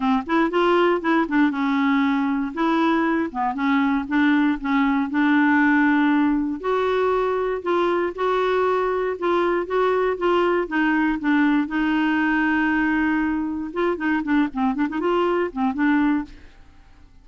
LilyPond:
\new Staff \with { instrumentName = "clarinet" } { \time 4/4 \tempo 4 = 118 c'8 e'8 f'4 e'8 d'8 cis'4~ | cis'4 e'4. b8 cis'4 | d'4 cis'4 d'2~ | d'4 fis'2 f'4 |
fis'2 f'4 fis'4 | f'4 dis'4 d'4 dis'4~ | dis'2. f'8 dis'8 | d'8 c'8 d'16 dis'16 f'4 c'8 d'4 | }